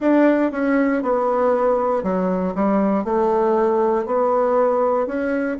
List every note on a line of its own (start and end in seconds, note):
0.00 0.51 D4
0.51 1.02 C#4
1.02 2.03 B3
2.03 2.54 F#3
2.54 3.04 G3
3.04 4.06 A3
4.06 5.06 B3
5.06 5.57 C#4